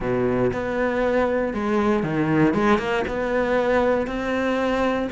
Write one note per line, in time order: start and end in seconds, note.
0.00 0.51 B2
0.52 1.53 B3
1.53 2.03 G#3
2.03 2.54 D#3
2.54 2.78 G#3
2.78 3.03 A#3
3.07 4.06 B3
4.06 5.08 C4